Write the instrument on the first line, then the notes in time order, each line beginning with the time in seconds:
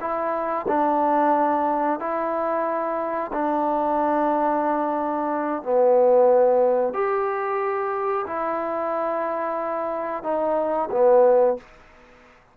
trombone
0.00 E4
0.68 D4
1.99 E4
3.32 D4
5.63 B3
6.93 G4
8.27 E4
10.23 D#4
10.91 B3